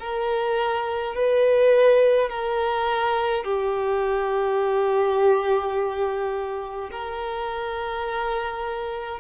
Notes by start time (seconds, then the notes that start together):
0.00 A#4
1.15 B4
2.30 A#4
3.45 G4
6.92 A#4